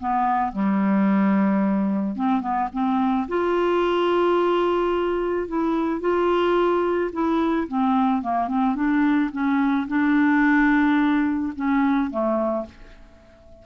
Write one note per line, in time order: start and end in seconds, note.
0.00 0.52 B3
0.52 2.16 G3
2.16 2.41 C4
2.41 2.69 B3
2.73 3.28 C4
3.28 5.48 F4
5.48 6.01 E4
6.01 7.11 F4
7.13 7.68 E4
7.68 8.22 C4
8.22 8.48 A#3
8.48 8.75 C4
8.75 9.31 D4
9.32 9.87 C#4
9.88 11.53 D4
11.56 12.11 C#4
12.11 12.66 A3